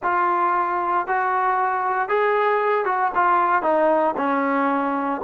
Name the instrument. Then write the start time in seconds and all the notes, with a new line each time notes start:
trombone
0.02 F4
1.07 F#4
2.08 G#4
2.85 F#4
3.14 F4
3.62 D#4
4.16 C#4